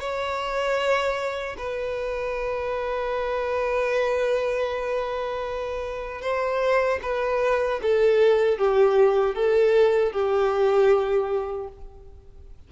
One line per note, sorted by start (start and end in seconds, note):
0.00 1.56 C#5
1.58 6.21 B4
6.21 6.99 C5
7.02 7.80 B4
7.82 8.58 A4
8.58 9.35 G4
9.35 10.12 A4
10.12 11.68 G4